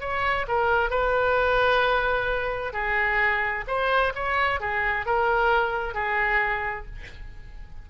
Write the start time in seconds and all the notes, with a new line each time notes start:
0.00 C#5
0.47 A#4
0.90 B4
2.73 G#4
3.67 C5
4.15 C#5
4.60 G#4
5.05 A#4
5.94 G#4